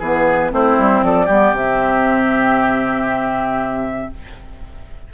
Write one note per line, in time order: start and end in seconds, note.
0.00 0.52 E3
0.00 0.51 B3
0.00 0.51 G#4
0.00 0.53 B4
0.51 0.78 A3
0.51 1.28 C4
0.51 1.05 E4
0.51 1.04 C5
0.79 1.02 G3
1.02 1.28 F3
1.02 1.26 A4
1.02 1.55 D5
1.26 1.52 G3
1.26 1.56 B3
1.26 4.08 G4
1.52 4.09 C3
1.52 4.13 C4
1.52 4.14 E5